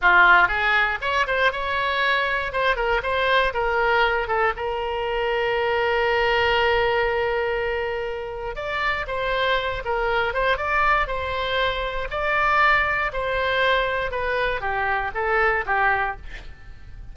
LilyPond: \new Staff \with { instrumentName = "oboe" } { \time 4/4 \tempo 4 = 119 f'4 gis'4 cis''8 c''8 cis''4~ | cis''4 c''8 ais'8 c''4 ais'4~ | ais'8 a'8 ais'2.~ | ais'1~ |
ais'4 d''4 c''4. ais'8~ | ais'8 c''8 d''4 c''2 | d''2 c''2 | b'4 g'4 a'4 g'4 | }